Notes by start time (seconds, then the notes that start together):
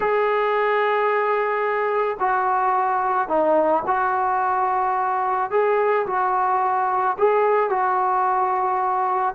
0.00 G#4
2.19 F#4
3.28 D#4
3.86 F#4
5.50 G#4
6.06 F#4
7.18 G#4
7.69 F#4